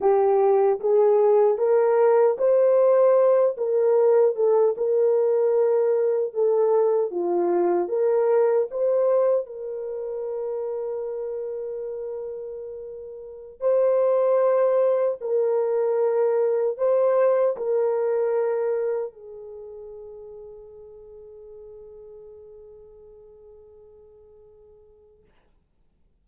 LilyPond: \new Staff \with { instrumentName = "horn" } { \time 4/4 \tempo 4 = 76 g'4 gis'4 ais'4 c''4~ | c''8 ais'4 a'8 ais'2 | a'4 f'4 ais'4 c''4 | ais'1~ |
ais'4~ ais'16 c''2 ais'8.~ | ais'4~ ais'16 c''4 ais'4.~ ais'16~ | ais'16 gis'2.~ gis'8.~ | gis'1 | }